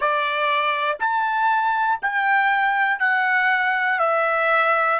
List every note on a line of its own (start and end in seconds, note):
0.00 0.97 D5
1.00 2.00 A5
2.02 2.99 G5
2.99 3.99 F#5
3.99 4.99 E5